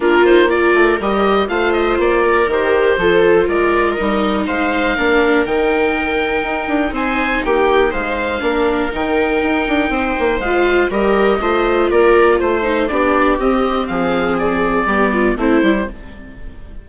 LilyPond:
<<
  \new Staff \with { instrumentName = "oboe" } { \time 4/4 \tempo 4 = 121 ais'8 c''8 d''4 dis''4 f''8 dis''8 | d''4 c''2 d''4 | dis''4 f''2 g''4~ | g''2 gis''4 g''4 |
f''2 g''2~ | g''4 f''4 dis''2 | d''4 c''4 d''4 dis''4 | f''4 d''2 c''4 | }
  \new Staff \with { instrumentName = "viola" } { \time 4/4 f'4 ais'2 c''4~ | c''8 ais'4. a'4 ais'4~ | ais'4 c''4 ais'2~ | ais'2 c''4 g'4 |
c''4 ais'2. | c''2 ais'4 c''4 | ais'4 c''4 g'2 | gis'2 g'8 f'8 e'4 | }
  \new Staff \with { instrumentName = "viola" } { \time 4/4 d'8 dis'8 f'4 g'4 f'4~ | f'4 g'4 f'2 | dis'2 d'4 dis'4~ | dis'1~ |
dis'4 d'4 dis'2~ | dis'4 f'4 g'4 f'4~ | f'4. dis'8 d'4 c'4~ | c'2 b4 c'8 e'8 | }
  \new Staff \with { instrumentName = "bassoon" } { \time 4/4 ais4. a8 g4 a4 | ais4 dis4 f4 gis4 | g4 gis4 ais4 dis4~ | dis4 dis'8 d'8 c'4 ais4 |
gis4 ais4 dis4 dis'8 d'8 | c'8 ais8 gis4 g4 a4 | ais4 a4 b4 c'4 | f2 g4 a8 g8 | }
>>